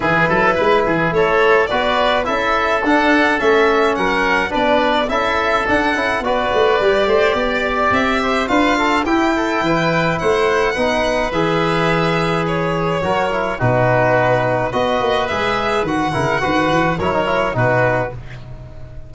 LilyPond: <<
  \new Staff \with { instrumentName = "violin" } { \time 4/4 \tempo 4 = 106 b'2 cis''4 d''4 | e''4 fis''4 e''4 fis''4 | d''4 e''4 fis''4 d''4~ | d''2 e''4 f''4 |
g''2 fis''2 | e''2 cis''2 | b'2 dis''4 e''4 | fis''2 cis''4 b'4 | }
  \new Staff \with { instrumentName = "oboe" } { \time 4/4 gis'8 a'8 b'8 gis'8 a'4 b'4 | a'2. ais'4 | b'4 a'2 b'4~ | b'8 c''8 d''4. c''8 b'8 a'8 |
g'8 a'8 b'4 c''4 b'4~ | b'2. ais'4 | fis'2 b'2~ | b'8 ais'8 b'4 ais'4 fis'4 | }
  \new Staff \with { instrumentName = "trombone" } { \time 4/4 e'2. fis'4 | e'4 d'4 cis'2 | d'4 e'4 d'8 e'8 fis'4 | g'2. f'4 |
e'2. dis'4 | gis'2. fis'8 e'8 | dis'2 fis'4 gis'4 | fis'8 e'8 fis'4 e'16 dis'16 e'8 dis'4 | }
  \new Staff \with { instrumentName = "tuba" } { \time 4/4 e8 fis8 gis8 e8 a4 b4 | cis'4 d'4 a4 fis4 | b4 cis'4 d'8 cis'8 b8 a8 | g8 a8 b4 c'4 d'4 |
e'4 e4 a4 b4 | e2. fis4 | b,2 b8 ais8 gis4 | dis8 cis8 dis8 e8 fis4 b,4 | }
>>